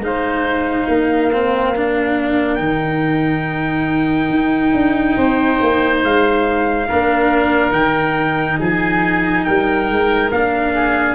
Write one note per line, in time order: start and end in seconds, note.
0.00 0.86 G#3
0.00 1.32 D#4
0.00 2.55 F5
0.06 0.88 C5
0.88 2.60 A#3
0.88 5.17 A#4
1.33 1.76 C4
1.76 2.59 D4
2.55 4.30 D#3
2.55 6.88 D#4
2.55 5.98 G5
4.30 4.73 D#4
4.74 5.16 D4
5.17 5.60 C4
5.17 6.88 C5
5.61 6.04 A#3
6.04 6.89 G#3
6.04 7.73 F5
6.89 7.72 A#3
6.89 7.72 D4
6.89 8.60 A#4
7.72 8.58 D#3
7.72 10.29 D#4
7.72 8.59 G5
8.60 9.46 F3
8.60 9.46 G#4
8.60 9.45 G#5
9.45 9.90 G3
9.45 10.75 A#4
9.45 10.31 G5
9.90 10.32 G#3
10.32 11.15 A#3
10.32 11.15 D4
10.32 11.15 F5
10.75 11.15 G#4